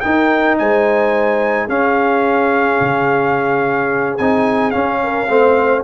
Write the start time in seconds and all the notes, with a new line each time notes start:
0.00 D#4 A#4 G5
0.58 G#3 C5 G#5
1.67 C#4 G#4 F5
2.80 C#3
4.17 C4 D#4 G#5
4.70 C#4 F5
5.03 A#4
5.28 A3 C4 C5